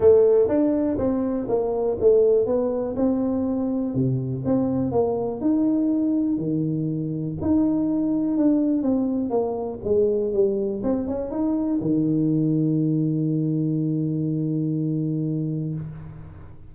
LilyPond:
\new Staff \with { instrumentName = "tuba" } { \time 4/4 \tempo 4 = 122 a4 d'4 c'4 ais4 | a4 b4 c'2 | c4 c'4 ais4 dis'4~ | dis'4 dis2 dis'4~ |
dis'4 d'4 c'4 ais4 | gis4 g4 c'8 cis'8 dis'4 | dis1~ | dis1 | }